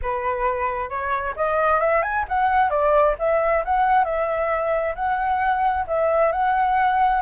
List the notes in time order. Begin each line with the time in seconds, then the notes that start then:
0.02 B4
0.89 C#5
1.35 D#5
1.79 E5
2.02 G#5
2.28 F#5
2.69 D5
3.18 E5
3.64 F#5
4.04 E5
4.95 F#5
5.87 E5
6.32 F#5